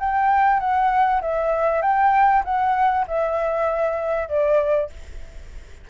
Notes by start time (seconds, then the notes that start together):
0.00 G5
0.60 F#5
1.21 E5
1.82 G5
2.45 F#5
3.08 E5
4.29 D5